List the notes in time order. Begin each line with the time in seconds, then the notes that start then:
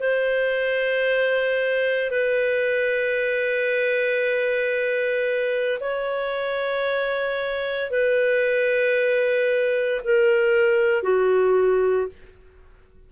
0.00 C5
2.11 B4
5.80 C#5
7.91 B4
10.04 A#4
11.03 F#4